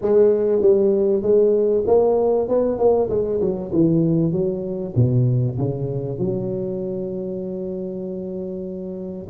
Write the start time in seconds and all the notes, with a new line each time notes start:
0.01 G#3
0.61 G3
1.22 G#3
1.87 A#3
2.48 B3
2.78 A#3
3.09 G#3
3.40 F#3
3.72 E3
4.32 F#3
4.95 B2
5.58 C#3
6.18 F#3